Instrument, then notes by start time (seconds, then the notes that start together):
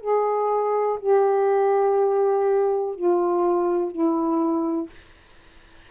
saxophone
0.00 G#4
1.00 G4
2.95 F4
3.91 E4